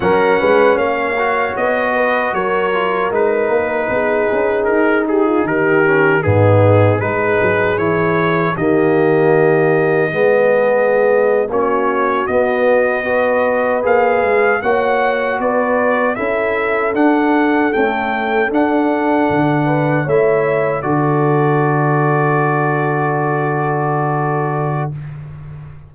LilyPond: <<
  \new Staff \with { instrumentName = "trumpet" } { \time 4/4 \tempo 4 = 77 fis''4 f''4 dis''4 cis''4 | b'2 ais'8 gis'8 ais'4 | gis'4 b'4 cis''4 dis''4~ | dis''2~ dis''8. cis''4 dis''16~ |
dis''4.~ dis''16 f''4 fis''4 d''16~ | d''8. e''4 fis''4 g''4 fis''16~ | fis''4.~ fis''16 e''4 d''4~ d''16~ | d''1 | }
  \new Staff \with { instrumentName = "horn" } { \time 4/4 ais'8 b'8 cis''4. b'8 ais'4~ | ais'4 gis'4. g'16 f'16 g'4 | dis'4 gis'2 g'4~ | g'4 gis'4.~ gis'16 fis'4~ fis'16~ |
fis'8. b'2 cis''4 b'16~ | b'8. a'2.~ a'16~ | a'4~ a'16 b'8 cis''4 a'4~ a'16~ | a'1 | }
  \new Staff \with { instrumentName = "trombone" } { \time 4/4 cis'4. fis'2 f'8 | dis'2.~ dis'8 cis'8 | b4 dis'4 e'4 ais4~ | ais4 b4.~ b16 cis'4 b16~ |
b8. fis'4 gis'4 fis'4~ fis'16~ | fis'8. e'4 d'4 a4 d'16~ | d'4.~ d'16 e'4 fis'4~ fis'16~ | fis'1 | }
  \new Staff \with { instrumentName = "tuba" } { \time 4/4 fis8 gis8 ais4 b4 fis4 | gis8 ais8 b8 cis'8 dis'4 dis4 | gis,4 gis8 fis8 e4 dis4~ | dis4 gis4.~ gis16 ais4 b16~ |
b4.~ b16 ais8 gis8 ais4 b16~ | b8. cis'4 d'4 cis'4 d'16~ | d'8. d4 a4 d4~ d16~ | d1 | }
>>